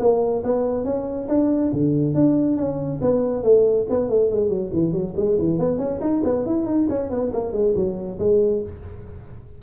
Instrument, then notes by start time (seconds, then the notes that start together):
tuba
0.00 A#3
0.44 B3
0.85 C#4
1.29 D4
1.73 D3
2.15 D4
2.57 C#4
3.02 B3
3.44 A3
3.90 B3
4.10 A3
4.31 G#3
4.50 F#3
4.73 E3
4.93 F#3
5.17 G#3
5.39 E3
5.59 B3
5.78 C#4
6.01 D#4
6.25 B3
6.46 E4
6.67 D#4
6.90 C#4
7.10 B3
7.33 A#3
7.53 G#3
7.76 F#3
8.20 G#3